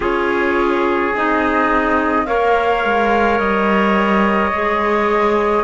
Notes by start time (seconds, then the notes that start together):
0.00 C#4 F4 G#4 C#5
1.15 C4 D#4 D#5
2.25 A#3 A#4 C#5 F5
2.84 G#3
3.39 G3 D#5
4.52 G#3 G#4